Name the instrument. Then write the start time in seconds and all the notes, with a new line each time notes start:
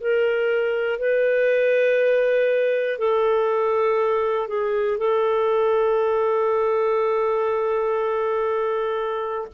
clarinet
0.00 A#4
0.99 B4
2.99 A4
4.48 G#4
4.98 A4